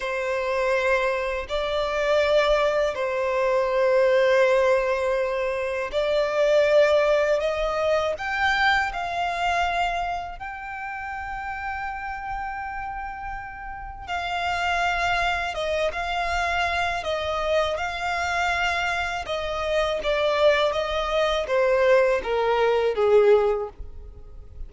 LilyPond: \new Staff \with { instrumentName = "violin" } { \time 4/4 \tempo 4 = 81 c''2 d''2 | c''1 | d''2 dis''4 g''4 | f''2 g''2~ |
g''2. f''4~ | f''4 dis''8 f''4. dis''4 | f''2 dis''4 d''4 | dis''4 c''4 ais'4 gis'4 | }